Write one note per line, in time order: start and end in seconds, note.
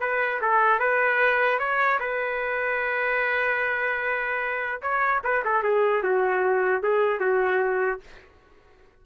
0.00 0.40 B4
0.41 0.79 A4
0.79 1.59 B4
1.59 1.99 C#5
1.99 4.81 B4
4.81 5.22 C#5
5.23 5.44 B4
5.44 5.63 A4
5.63 6.03 G#4
6.03 6.83 F#4
6.83 7.19 G#4
7.19 8.00 F#4